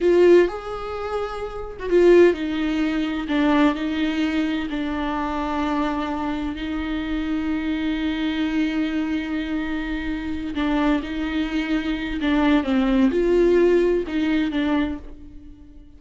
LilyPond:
\new Staff \with { instrumentName = "viola" } { \time 4/4 \tempo 4 = 128 f'4 gis'2~ gis'8. fis'16 | f'4 dis'2 d'4 | dis'2 d'2~ | d'2 dis'2~ |
dis'1~ | dis'2~ dis'8 d'4 dis'8~ | dis'2 d'4 c'4 | f'2 dis'4 d'4 | }